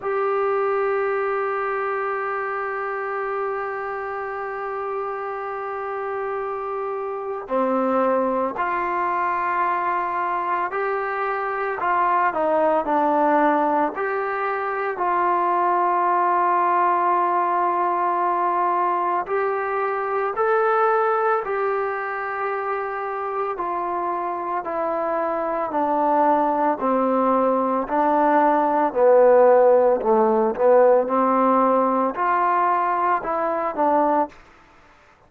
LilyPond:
\new Staff \with { instrumentName = "trombone" } { \time 4/4 \tempo 4 = 56 g'1~ | g'2. c'4 | f'2 g'4 f'8 dis'8 | d'4 g'4 f'2~ |
f'2 g'4 a'4 | g'2 f'4 e'4 | d'4 c'4 d'4 b4 | a8 b8 c'4 f'4 e'8 d'8 | }